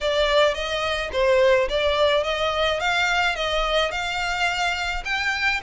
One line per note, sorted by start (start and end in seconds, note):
0.01 0.54 D5
0.54 1.10 D#5
1.12 1.68 C5
1.69 2.23 D5
2.23 2.79 D#5
2.79 3.35 F5
3.35 3.91 D#5
3.91 5.03 F5
5.04 5.60 G5